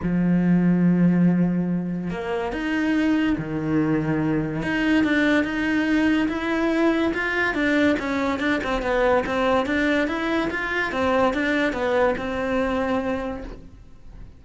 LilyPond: \new Staff \with { instrumentName = "cello" } { \time 4/4 \tempo 4 = 143 f1~ | f4 ais4 dis'2 | dis2. dis'4 | d'4 dis'2 e'4~ |
e'4 f'4 d'4 cis'4 | d'8 c'8 b4 c'4 d'4 | e'4 f'4 c'4 d'4 | b4 c'2. | }